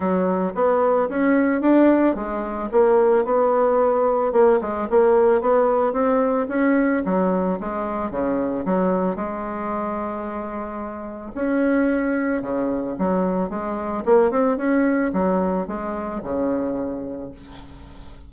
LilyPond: \new Staff \with { instrumentName = "bassoon" } { \time 4/4 \tempo 4 = 111 fis4 b4 cis'4 d'4 | gis4 ais4 b2 | ais8 gis8 ais4 b4 c'4 | cis'4 fis4 gis4 cis4 |
fis4 gis2.~ | gis4 cis'2 cis4 | fis4 gis4 ais8 c'8 cis'4 | fis4 gis4 cis2 | }